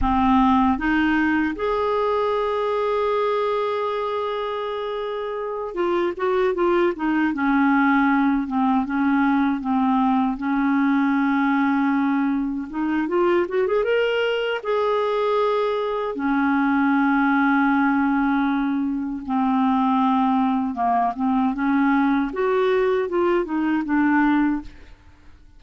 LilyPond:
\new Staff \with { instrumentName = "clarinet" } { \time 4/4 \tempo 4 = 78 c'4 dis'4 gis'2~ | gis'2.~ gis'8 f'8 | fis'8 f'8 dis'8 cis'4. c'8 cis'8~ | cis'8 c'4 cis'2~ cis'8~ |
cis'8 dis'8 f'8 fis'16 gis'16 ais'4 gis'4~ | gis'4 cis'2.~ | cis'4 c'2 ais8 c'8 | cis'4 fis'4 f'8 dis'8 d'4 | }